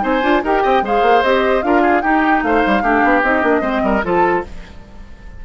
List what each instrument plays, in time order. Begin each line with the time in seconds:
0.00 bassoon C4, clarinet D#4, oboe C5, flute G#5
0.23 bassoon D4, clarinet F4
0.43 bassoon D#4, clarinet G4, oboe A#4, flute G5
0.63 bassoon C4, oboe D#5
0.82 bassoon G#3, clarinet G#4, oboe C5, flute F5
1.02 bassoon A#3
1.23 bassoon C4, clarinet G4, flute D#5
1.62 bassoon D4, clarinet F4, oboe A#4, flute F5
1.82 oboe G#4
2.02 clarinet D#4, bassoon D#4, oboe G4, flute G5
2.43 bassoon A3, oboe C5, flute F5
2.67 bassoon G3
2.83 bassoon A3, clarinet D4, oboe G4
3.04 bassoon B3
3.23 bassoon C4, clarinet D#4, flute D#5
3.42 bassoon A#3, clarinet D4
3.61 bassoon G#3, clarinet C4, oboe C5
3.83 bassoon G3, oboe A#4
4.04 bassoon F3, clarinet F4, oboe A4, flute A5